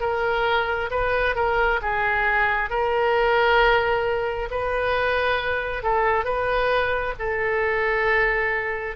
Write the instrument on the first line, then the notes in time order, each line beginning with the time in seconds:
oboe
0.00 A#4
0.90 B4
1.35 A#4
1.82 G#4
2.69 A#4
4.51 B4
5.83 A4
6.24 B4
7.19 A4